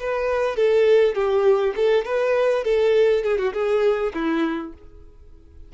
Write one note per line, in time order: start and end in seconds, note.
0.00 0.56 B4
0.56 1.15 A4
1.15 1.74 G4
1.76 2.05 A4
2.05 2.64 B4
2.64 3.23 A4
3.23 3.38 G#4
3.38 3.53 F#4
3.53 4.13 G#4
4.14 4.73 E4